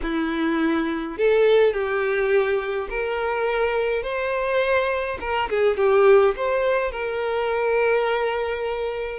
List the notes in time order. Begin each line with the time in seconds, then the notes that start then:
0.02 E4
1.17 A4
1.73 G4
2.89 A#4
4.03 C5
5.20 A#4
5.49 G#4
5.77 G4
6.36 C5
6.91 A#4